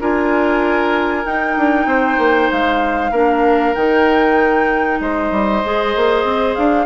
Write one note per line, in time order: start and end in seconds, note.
0.00 1.25 D4
0.00 1.24 F4
0.00 1.87 A#4
0.00 1.25 G#5
1.24 3.12 D#4
1.24 1.56 D#4
1.24 2.50 G5
1.57 1.85 D4
1.85 2.16 C4
1.85 3.11 C5
2.18 2.49 A#3
2.51 3.11 G#3
2.51 3.74 F5
3.11 3.73 A#3
3.11 3.75 D4
3.11 4.99 A#4
3.74 4.99 D#3
3.74 5.63 D#4
3.74 4.99 G5
4.99 5.30 G#3
4.99 6.86 C5
4.99 6.55 D#5
5.31 5.62 G3
5.64 5.95 G#3
5.64 6.86 G#4
5.96 6.23 A#3
6.23 6.55 C4
6.55 6.86 D4
6.55 6.86 F5